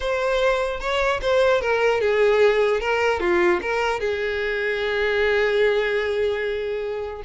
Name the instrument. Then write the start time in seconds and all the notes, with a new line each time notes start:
violin
0.00 C5
0.80 C#5
1.21 C5
1.61 A#4
2.00 G#4
2.80 A#4
3.20 F4
3.61 A#4
4.00 G#4